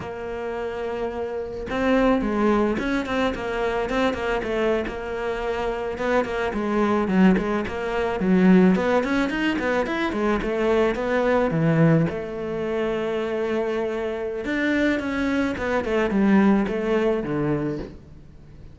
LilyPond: \new Staff \with { instrumentName = "cello" } { \time 4/4 \tempo 4 = 108 ais2. c'4 | gis4 cis'8 c'8 ais4 c'8 ais8 | a8. ais2 b8 ais8 gis16~ | gis8. fis8 gis8 ais4 fis4 b16~ |
b16 cis'8 dis'8 b8 e'8 gis8 a4 b16~ | b8. e4 a2~ a16~ | a2 d'4 cis'4 | b8 a8 g4 a4 d4 | }